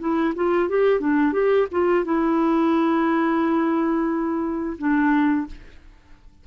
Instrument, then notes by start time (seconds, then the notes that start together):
clarinet
0.00 E4
0.36 F4
0.69 G4
1.00 D4
1.33 G4
1.72 F4
2.05 E4
4.79 D4